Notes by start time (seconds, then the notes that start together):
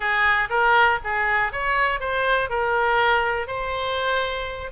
0.00 G#4
0.49 A#4
1.03 G#4
1.52 C#5
2.00 C5
2.49 A#4
3.47 C5